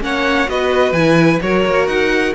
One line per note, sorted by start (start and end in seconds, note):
0.00 0.47 A#3
0.00 0.47 C#4
0.00 0.49 C#5
0.00 0.49 F#5
0.47 0.92 B3
0.47 0.94 F#4
0.47 1.42 B4
0.47 0.92 D#5
0.92 1.38 E3
0.92 1.41 E4
0.92 1.39 G#5
1.41 1.65 F#3
1.41 2.34 F#4
1.41 2.34 A#4
1.41 1.87 C#5
1.65 1.87 A#3
1.87 2.33 D#4
1.87 2.33 F#5